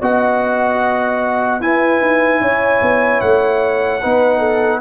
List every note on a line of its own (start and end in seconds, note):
0.00 1.61 B3
0.00 1.60 F#4
0.00 1.60 D#5
0.00 1.61 F#5
1.60 4.00 E4
1.60 2.00 E4
1.60 2.41 B4
1.60 3.20 G#5
2.00 2.40 D#4
2.41 2.81 C#4
2.41 4.01 C#5
2.81 3.21 B3
3.20 4.02 A3
3.20 4.80 F#5
4.01 4.81 B3
4.01 4.81 D#4
4.01 4.38 B4
4.38 4.78 A4